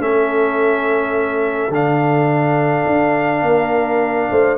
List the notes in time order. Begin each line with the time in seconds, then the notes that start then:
0.00 A3 C#4 A4 E5
1.70 D3 D4 F5
2.86 D4
3.42 A#3 A#4
4.31 A3 C5